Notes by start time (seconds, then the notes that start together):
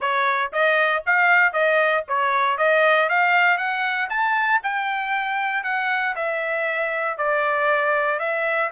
0.00 C#5
0.52 D#5
1.06 F5
1.52 D#5
2.07 C#5
2.57 D#5
3.09 F5
3.57 F#5
4.09 A5
4.63 G5
5.63 F#5
6.15 E5
7.17 D5
8.19 E5